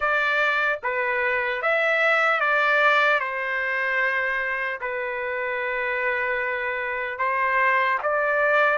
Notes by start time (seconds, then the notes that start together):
0.00 D5
0.83 B4
1.62 E5
2.40 D5
3.19 C5
4.80 B4
7.18 C5
8.02 D5